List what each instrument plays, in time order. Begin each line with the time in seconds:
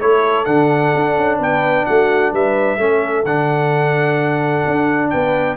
0.00 tuba A3, trombone E4, horn A4, trumpet C#5
0.45 tuba D3, trombone D4, trumpet F#5
0.95 tuba D4
1.17 tuba C#4
1.39 tuba B3, horn B4, trumpet G5
1.86 tuba A3, horn F#4, trumpet F#5
2.32 tuba G3, horn B4, trumpet E5
2.78 tuba A3, trombone C#4, horn A4
3.24 tuba D3, trombone D4, trumpet F#5
4.67 tuba D4
5.10 tuba B3, horn B4, trumpet G5